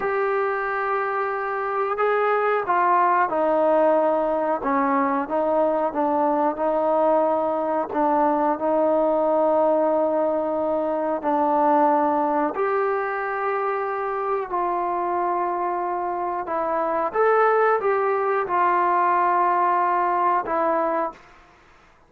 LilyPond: \new Staff \with { instrumentName = "trombone" } { \time 4/4 \tempo 4 = 91 g'2. gis'4 | f'4 dis'2 cis'4 | dis'4 d'4 dis'2 | d'4 dis'2.~ |
dis'4 d'2 g'4~ | g'2 f'2~ | f'4 e'4 a'4 g'4 | f'2. e'4 | }